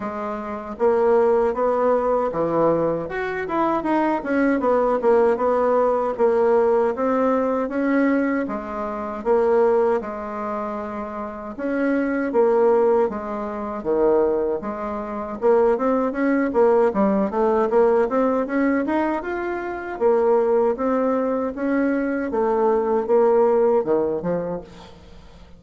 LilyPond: \new Staff \with { instrumentName = "bassoon" } { \time 4/4 \tempo 4 = 78 gis4 ais4 b4 e4 | fis'8 e'8 dis'8 cis'8 b8 ais8 b4 | ais4 c'4 cis'4 gis4 | ais4 gis2 cis'4 |
ais4 gis4 dis4 gis4 | ais8 c'8 cis'8 ais8 g8 a8 ais8 c'8 | cis'8 dis'8 f'4 ais4 c'4 | cis'4 a4 ais4 dis8 f8 | }